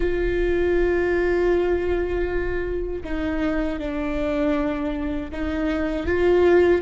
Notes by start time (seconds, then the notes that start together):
0.00 F4
3.03 D#4
3.79 D4
5.31 D#4
6.06 F4